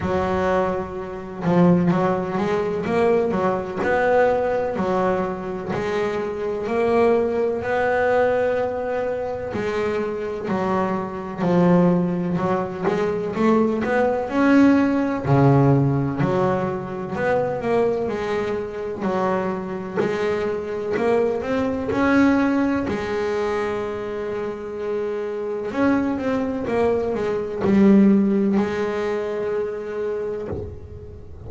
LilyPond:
\new Staff \with { instrumentName = "double bass" } { \time 4/4 \tempo 4 = 63 fis4. f8 fis8 gis8 ais8 fis8 | b4 fis4 gis4 ais4 | b2 gis4 fis4 | f4 fis8 gis8 a8 b8 cis'4 |
cis4 fis4 b8 ais8 gis4 | fis4 gis4 ais8 c'8 cis'4 | gis2. cis'8 c'8 | ais8 gis8 g4 gis2 | }